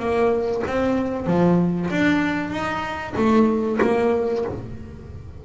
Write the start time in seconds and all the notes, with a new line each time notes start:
0.00 A#3
0.67 C4
1.27 F3
1.91 D4
2.51 D#4
3.17 A3
3.82 A#3